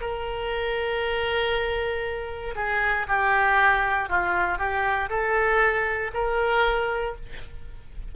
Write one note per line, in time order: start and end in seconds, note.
0.00 2.54 A#4
2.55 3.06 G#4
3.07 4.09 G4
4.09 4.58 F4
4.58 5.09 G4
5.09 6.11 A4
6.13 7.15 A#4